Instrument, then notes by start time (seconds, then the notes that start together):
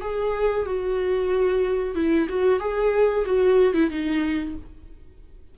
viola
0.00 G#4
0.66 F#4
1.94 E4
2.29 F#4
2.59 G#4
3.25 F#4
3.74 E4
3.90 D#4